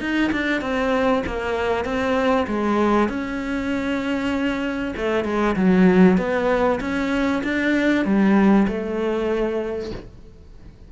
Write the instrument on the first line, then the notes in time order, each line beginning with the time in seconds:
cello
0.00 D#4
0.32 D4
0.61 C4
1.26 A#3
1.84 C4
2.47 G#3
3.09 C#4
4.96 A3
5.24 G#3
5.56 F#3
6.17 B3
6.80 C#4
7.44 D4
8.05 G3
8.68 A3